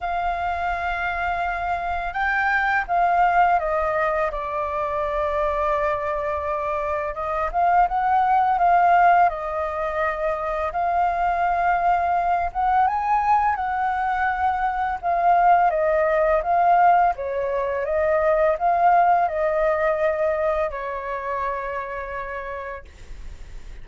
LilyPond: \new Staff \with { instrumentName = "flute" } { \time 4/4 \tempo 4 = 84 f''2. g''4 | f''4 dis''4 d''2~ | d''2 dis''8 f''8 fis''4 | f''4 dis''2 f''4~ |
f''4. fis''8 gis''4 fis''4~ | fis''4 f''4 dis''4 f''4 | cis''4 dis''4 f''4 dis''4~ | dis''4 cis''2. | }